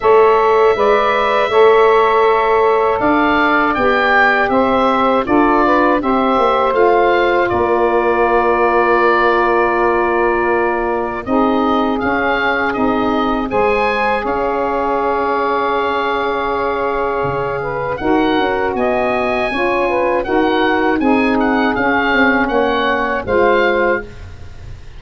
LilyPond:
<<
  \new Staff \with { instrumentName = "oboe" } { \time 4/4 \tempo 4 = 80 e''1 | f''4 g''4 e''4 d''4 | e''4 f''4 d''2~ | d''2. dis''4 |
f''4 dis''4 gis''4 f''4~ | f''1 | fis''4 gis''2 fis''4 | gis''8 fis''8 f''4 fis''4 f''4 | }
  \new Staff \with { instrumentName = "saxophone" } { \time 4/4 cis''4 d''4 cis''2 | d''2 c''4 a'8 b'8 | c''2 ais'2~ | ais'2. gis'4~ |
gis'2 c''4 cis''4~ | cis''2.~ cis''8 b'8 | ais'4 dis''4 cis''8 b'8 ais'4 | gis'2 cis''4 c''4 | }
  \new Staff \with { instrumentName = "saxophone" } { \time 4/4 a'4 b'4 a'2~ | a'4 g'2 f'4 | g'4 f'2.~ | f'2. dis'4 |
cis'4 dis'4 gis'2~ | gis'1 | fis'2 f'4 fis'4 | dis'4 cis'2 f'4 | }
  \new Staff \with { instrumentName = "tuba" } { \time 4/4 a4 gis4 a2 | d'4 b4 c'4 d'4 | c'8 ais8 a4 ais2~ | ais2. c'4 |
cis'4 c'4 gis4 cis'4~ | cis'2. cis4 | dis'8 cis'8 b4 cis'4 dis'4 | c'4 cis'8 c'8 ais4 gis4 | }
>>